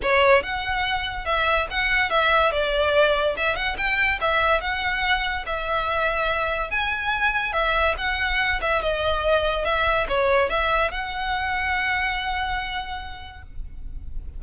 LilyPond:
\new Staff \with { instrumentName = "violin" } { \time 4/4 \tempo 4 = 143 cis''4 fis''2 e''4 | fis''4 e''4 d''2 | e''8 fis''8 g''4 e''4 fis''4~ | fis''4 e''2. |
gis''2 e''4 fis''4~ | fis''8 e''8 dis''2 e''4 | cis''4 e''4 fis''2~ | fis''1 | }